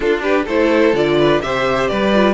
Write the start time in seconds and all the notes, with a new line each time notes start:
0.00 D4 F4 A4
0.22 G4 B4
0.45 A3 E4 A4 C5
0.93 D3 F4 D5
1.18 B4
1.41 C3 G4 C5 E5
1.88 G3 B4 D5
2.14 F4